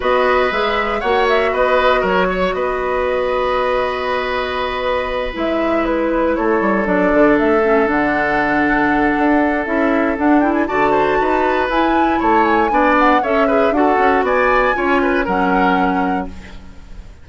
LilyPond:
<<
  \new Staff \with { instrumentName = "flute" } { \time 4/4 \tempo 4 = 118 dis''4 e''4 fis''8 e''8 dis''4 | cis''4 dis''2.~ | dis''2~ dis''8 e''4 b'8~ | b'8 cis''4 d''4 e''4 fis''8~ |
fis''2. e''4 | fis''8 g''16 gis''16 a''2 gis''4 | a''8 gis''4 fis''8 e''4 fis''4 | gis''2 fis''2 | }
  \new Staff \with { instrumentName = "oboe" } { \time 4/4 b'2 cis''4 b'4 | ais'8 cis''8 b'2.~ | b'1~ | b'8 a'2.~ a'8~ |
a'1~ | a'4 d''8 c''8 b'2 | cis''4 d''4 cis''8 b'8 a'4 | d''4 cis''8 b'8 ais'2 | }
  \new Staff \with { instrumentName = "clarinet" } { \time 4/4 fis'4 gis'4 fis'2~ | fis'1~ | fis'2~ fis'8 e'4.~ | e'4. d'4. cis'8 d'8~ |
d'2. e'4 | d'8 e'8 fis'2 e'4~ | e'4 d'4 a'8 gis'8 fis'4~ | fis'4 f'4 cis'2 | }
  \new Staff \with { instrumentName = "bassoon" } { \time 4/4 b4 gis4 ais4 b4 | fis4 b2.~ | b2~ b8 gis4.~ | gis8 a8 g8 fis8 d8 a4 d8~ |
d2 d'4 cis'4 | d'4 d4 dis'4 e'4 | a4 b4 cis'4 d'8 cis'8 | b4 cis'4 fis2 | }
>>